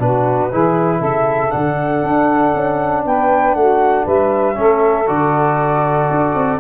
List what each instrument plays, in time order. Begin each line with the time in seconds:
0.00 tuba B2, trombone D4, saxophone F#4, flute B4
0.52 tuba E3, trombone E4, saxophone G#4
1.00 tuba C#3, saxophone A4, flute E5
1.51 tuba D3, trombone D4, flute F#5
2.03 tuba D4
2.55 tuba C#4
3.06 tuba B3, saxophone B4, flute G5
3.55 tuba A3, saxophone F#4, flute F#5
4.05 tuba G3, saxophone B4, flute E5
4.55 tuba A3, trombone C#4, saxophone A4
5.07 tuba D3, trombone F#4, flute D5
6.11 tuba D4
6.35 tuba C4